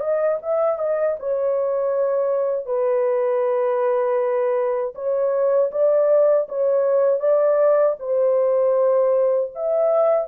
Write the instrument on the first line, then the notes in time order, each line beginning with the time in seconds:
horn
0.00 D#5
0.42 E5
0.79 D#5
1.19 C#5
2.66 B4
4.95 C#5
5.71 D5
6.48 C#5
7.20 D5
7.99 C5
9.55 E5